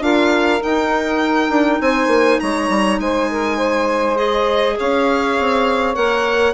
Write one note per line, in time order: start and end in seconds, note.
0.00 0.59 D4
0.00 0.60 F4
0.00 1.81 A#4
0.00 0.62 F5
0.60 4.16 D#4
0.60 1.49 D#4
0.60 1.81 G5
1.49 1.79 D4
1.80 2.07 C4
1.80 2.40 C5
1.80 2.39 G#5
2.07 2.37 A#3
2.39 2.68 G#3
2.39 2.99 C#5
2.39 2.99 A#5
2.68 2.98 G3
2.99 4.77 G#3
2.99 3.30 C5
2.99 4.16 G#5
3.30 3.56 A#4
3.56 4.75 C5
4.16 5.94 G#4
4.16 4.76 D#5
4.77 5.39 C#4
4.77 6.54 C#5
4.77 5.94 F5
5.39 5.96 C4
5.94 6.54 A#3
5.94 6.53 A#4
5.94 6.54 F#5